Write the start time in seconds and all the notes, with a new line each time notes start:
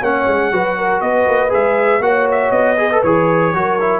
0.00 A#3 C#4 C#5 F#5
0.26 G#3
0.51 F#3 F#4 B4
0.77 A#4
1.01 B3 B4 D#5
1.27 A#3
1.49 G#3 G#4 E5
1.99 A#3 F#4 C#5 F#5
2.31 E5
2.51 B3 D#5
2.77 G#4 B4
2.91 A4
3.03 E3 G#4 C#5
3.53 F#3 F#4 A#4
3.80 E4